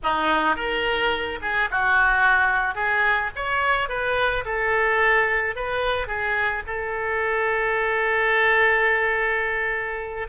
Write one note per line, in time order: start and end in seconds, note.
0.03 0.56 D#4
0.56 1.39 A#4
1.41 1.69 G#4
1.70 2.74 F#4
2.74 3.30 G#4
3.35 3.89 C#5
3.89 4.44 B4
4.45 5.55 A4
5.55 6.07 B4
6.07 6.62 G#4
6.66 10.27 A4